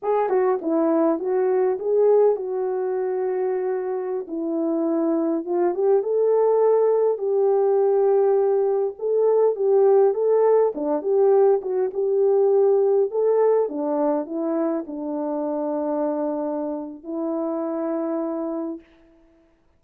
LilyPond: \new Staff \with { instrumentName = "horn" } { \time 4/4 \tempo 4 = 102 gis'8 fis'8 e'4 fis'4 gis'4 | fis'2.~ fis'16 e'8.~ | e'4~ e'16 f'8 g'8 a'4.~ a'16~ | a'16 g'2. a'8.~ |
a'16 g'4 a'4 d'8 g'4 fis'16~ | fis'16 g'2 a'4 d'8.~ | d'16 e'4 d'2~ d'8.~ | d'4 e'2. | }